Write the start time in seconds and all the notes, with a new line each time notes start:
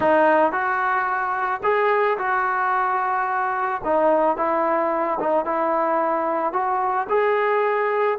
0.00 D#4
0.52 F#4
1.63 G#4
2.18 F#4
3.84 D#4
4.36 E4
5.19 D#4
5.45 E4
6.52 F#4
7.09 G#4